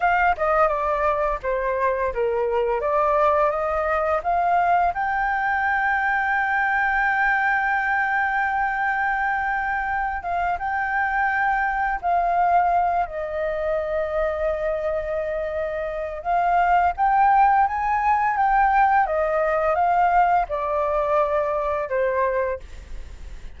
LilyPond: \new Staff \with { instrumentName = "flute" } { \time 4/4 \tempo 4 = 85 f''8 dis''8 d''4 c''4 ais'4 | d''4 dis''4 f''4 g''4~ | g''1~ | g''2~ g''8 f''8 g''4~ |
g''4 f''4. dis''4.~ | dis''2. f''4 | g''4 gis''4 g''4 dis''4 | f''4 d''2 c''4 | }